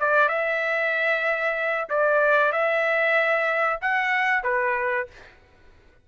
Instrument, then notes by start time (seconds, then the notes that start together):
trumpet
0.00 D5
0.28 E5
1.89 D5
2.52 E5
3.81 F#5
4.44 B4